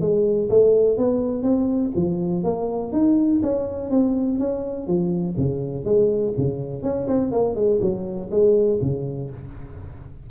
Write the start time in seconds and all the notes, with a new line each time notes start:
0.00 G#3
0.49 A3
0.98 B3
1.42 C4
1.95 F3
2.43 A#3
2.92 D#4
3.42 C#4
3.90 C4
4.39 C#4
4.87 F3
5.37 C#3
5.84 G#3
6.37 C#3
6.83 C#4
7.07 C4
7.31 A#3
7.55 G#3
7.81 F#3
8.30 G#3
8.81 C#3